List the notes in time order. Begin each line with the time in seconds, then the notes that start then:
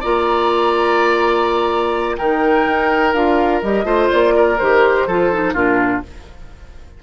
0.00 A#3 F4 D5 A#5
2.17 D#3 D#4 A#4 G5
2.66 D#4
3.13 D4 F4 F5
3.62 G3 G4 D#5
3.84 A3 F4 C5
4.10 A#3 D5
4.36 A#4
4.58 D#3 G4 C5
5.07 F3 F4 A4
5.32 D#4
5.53 A#2 D4 F4 A#4